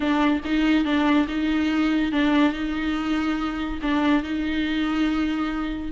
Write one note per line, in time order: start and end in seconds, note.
0.00 0.41 D4
0.44 0.84 D#4
0.84 1.27 D4
1.28 2.12 D#4
2.12 2.52 D4
2.52 3.79 D#4
3.82 4.23 D4
4.23 5.92 D#4